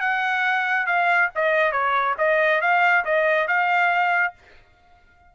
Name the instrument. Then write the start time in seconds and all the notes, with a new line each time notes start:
trumpet
0.00 F#5
0.86 F5
1.35 D#5
1.71 C#5
2.18 D#5
2.61 F5
3.05 D#5
3.47 F5